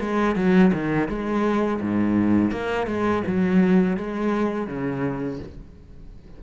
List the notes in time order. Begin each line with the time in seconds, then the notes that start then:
0.00 G#3
0.35 F#3
0.73 D#3
1.08 G#3
1.81 G#2
2.51 A#3
2.87 G#3
3.27 F#3
3.97 G#3
4.67 C#3